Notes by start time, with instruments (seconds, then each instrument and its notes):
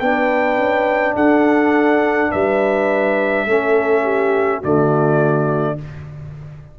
0.00 tuba B3, trombone D4, horn B4, trumpet G5
0.58 tuba C#4
1.16 tuba D4, horn A4, trumpet F#5
2.32 tuba G3, horn B4, trumpet E5
3.46 tuba A3, trombone C#4, horn A4
4.03 horn G4
4.59 tuba D3, trombone A3, horn F#4, trumpet D5